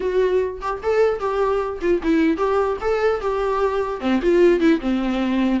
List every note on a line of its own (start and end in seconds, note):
0.00 0.60 F#4
0.61 0.81 G4
0.83 1.19 A4
1.19 1.79 G4
1.81 2.01 F4
2.02 2.37 E4
2.37 2.77 G4
2.81 3.20 A4
3.20 4.00 G4
4.00 4.20 C4
4.22 4.59 F4
4.59 4.79 E4
4.80 5.60 C4